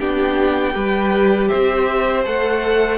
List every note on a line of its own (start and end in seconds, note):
0.00 0.75 B3
0.00 0.74 D4
0.00 0.75 G4
0.00 1.49 G5
0.74 1.50 G3
0.74 2.24 G4
0.74 1.49 B4
1.49 2.26 C4
1.49 2.99 C5
1.49 2.24 E5
2.25 2.99 A3
2.25 2.99 A4
2.25 2.99 F#5